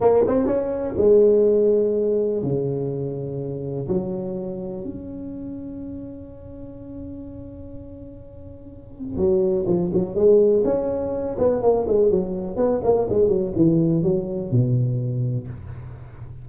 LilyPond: \new Staff \with { instrumentName = "tuba" } { \time 4/4 \tempo 4 = 124 ais8 c'8 cis'4 gis2~ | gis4 cis2. | fis2 cis'2~ | cis'1~ |
cis'2. fis4 | f8 fis8 gis4 cis'4. b8 | ais8 gis8 fis4 b8 ais8 gis8 fis8 | e4 fis4 b,2 | }